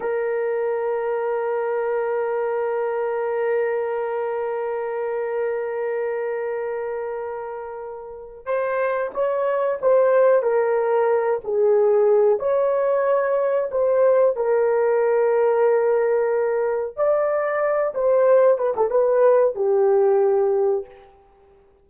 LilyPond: \new Staff \with { instrumentName = "horn" } { \time 4/4 \tempo 4 = 92 ais'1~ | ais'1~ | ais'1~ | ais'4 c''4 cis''4 c''4 |
ais'4. gis'4. cis''4~ | cis''4 c''4 ais'2~ | ais'2 d''4. c''8~ | c''8 b'16 a'16 b'4 g'2 | }